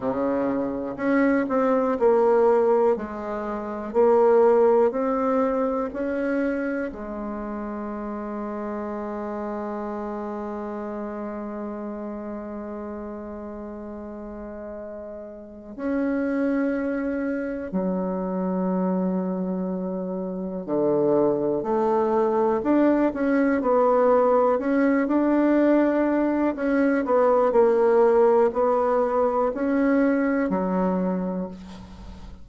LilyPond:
\new Staff \with { instrumentName = "bassoon" } { \time 4/4 \tempo 4 = 61 cis4 cis'8 c'8 ais4 gis4 | ais4 c'4 cis'4 gis4~ | gis1~ | gis1 |
cis'2 fis2~ | fis4 d4 a4 d'8 cis'8 | b4 cis'8 d'4. cis'8 b8 | ais4 b4 cis'4 fis4 | }